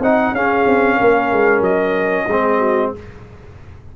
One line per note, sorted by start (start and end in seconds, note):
0.00 0.32 C4
0.00 0.36 D#4
0.00 0.35 D#5
0.00 0.35 F#5
0.33 0.65 C#4
0.33 2.30 C#4
0.33 0.96 G#4
0.33 1.63 F5
0.67 0.99 C4
0.96 1.32 A#3
0.96 2.25 A#4
1.32 1.61 G#3
1.61 2.25 F#3
1.61 2.92 D#5
2.26 2.92 G#3
2.26 2.96 C4
2.26 2.58 G#4
2.58 2.91 F#4